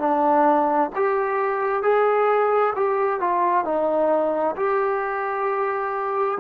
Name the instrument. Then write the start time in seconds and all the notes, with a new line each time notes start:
trombone
0.00 D4
0.96 G4
1.83 G#4
2.76 G4
3.21 F4
3.65 D#4
4.57 G4